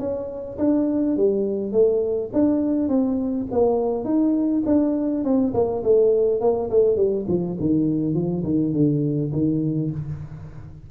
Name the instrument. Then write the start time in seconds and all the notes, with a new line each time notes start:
tuba
0.00 C#4
0.59 D4
1.17 G3
1.73 A3
2.34 D4
2.89 C4
3.52 A#3
4.05 D#4
4.67 D4
5.25 C4
5.54 A#3
5.84 A3
6.41 A#3
6.71 A3
6.97 G3
7.28 F3
7.60 D#3
8.15 F3
8.44 D#3
8.74 D3
9.33 D#3